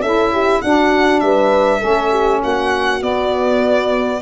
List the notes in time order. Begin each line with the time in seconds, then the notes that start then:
0.00 C#4 E4 A4 E5
0.32 G4
0.61 D4 F#4 F#5
1.20 G3 B4 E5
1.79 A3 C#4 A4
2.10 G4
2.43 A#3 F#4 F#5
3.01 B3 D5